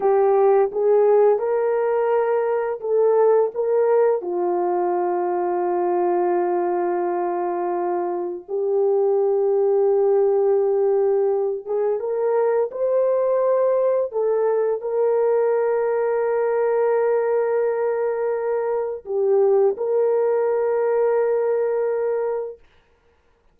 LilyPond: \new Staff \with { instrumentName = "horn" } { \time 4/4 \tempo 4 = 85 g'4 gis'4 ais'2 | a'4 ais'4 f'2~ | f'1 | g'1~ |
g'8 gis'8 ais'4 c''2 | a'4 ais'2.~ | ais'2. g'4 | ais'1 | }